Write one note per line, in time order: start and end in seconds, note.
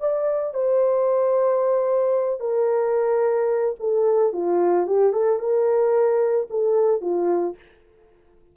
0.00 0.54 D5
0.54 2.40 C5
2.40 3.75 A#4
3.80 4.33 A4
4.33 4.87 F4
4.87 5.13 G4
5.13 5.39 A4
5.39 6.47 A#4
6.50 7.01 A4
7.01 7.55 F4